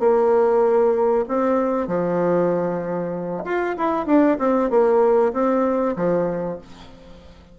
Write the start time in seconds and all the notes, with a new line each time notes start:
0.00 A#3
1.28 C4
1.88 F3
3.45 F4
3.77 E4
4.06 D4
4.39 C4
4.70 A#3
5.33 C4
5.96 F3